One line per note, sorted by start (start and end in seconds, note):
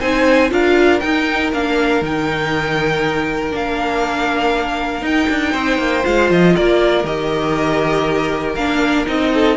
0.00 0.51 C4
0.00 0.50 D#4
0.00 0.50 C5
0.00 0.51 G#5
0.50 1.02 D4
0.50 1.00 F4
0.50 5.52 A#4
0.50 1.00 F5
1.00 1.53 D#4
1.00 1.51 G5
1.53 2.02 A#3
1.53 2.03 D4
1.53 2.04 F5
2.02 3.53 D#3
2.02 3.51 D#4
2.02 3.55 G5
3.51 5.02 A#3
3.51 5.02 D4
3.51 5.06 F5
5.02 5.27 D#4
5.02 6.03 D#4
5.02 6.05 G5
5.30 5.54 D4
5.52 5.79 C4
5.52 6.53 C5
5.79 6.04 A#3
6.03 6.31 G#3
6.03 7.03 F4
6.03 6.30 F5
6.31 6.56 F3
6.31 6.56 D#5
6.56 7.04 A#3
6.56 9.33 A#4
6.56 7.06 D5
7.04 8.55 D#3
7.04 8.57 G4
7.04 8.55 D#5
8.55 9.06 A#3
8.55 9.06 D4
8.55 9.06 F5
9.06 9.57 C4
9.06 9.57 D#4
9.06 9.57 D#5
9.34 9.57 A4